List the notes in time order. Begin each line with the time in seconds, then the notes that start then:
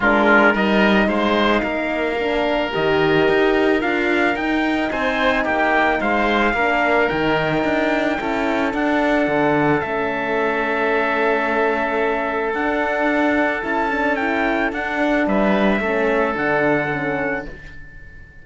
0.00 G#3 D4 F4 A#4
0.53 G3 D#4 A#4 D#5
1.07 G#3 C5 F5
1.62 A#3 A#4
2.19 D4
2.71 D#3 G4 D#5
3.28 D#4
3.80 D4 F4 F5
4.35 D#4 G5
4.91 C4 C5 G#5
5.43 A#3 G4 G5
6.00 G#3 C5 F5
6.53 A#3 D4 A#4
7.09 D#3 D#4 G5
7.64 D4
8.17 C#4 E4 A4
8.71 D4 F#5
9.27 D3
9.80 A3 C#4 E5
12.53 D4 F#5
13.62 C#4 E4 A5
13.91 D4
14.15 E4 G5
14.72 D4 F#5
15.26 G3 B4 E5
15.80 A3 C#4 A4
16.34 D3 D4 F#5
16.91 C#4